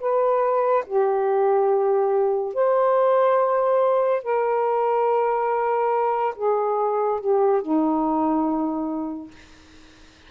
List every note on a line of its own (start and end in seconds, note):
0.00 0.85 B4
0.86 2.54 G4
2.54 4.23 C5
4.23 6.35 A#4
6.36 7.20 G#4
7.20 7.62 G4
7.62 9.31 D#4